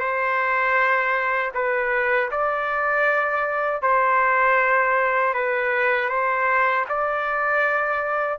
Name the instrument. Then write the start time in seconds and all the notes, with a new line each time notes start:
trumpet
0.00 C5
1.54 B4
2.31 D5
3.82 C5
5.34 B4
6.09 C5
6.89 D5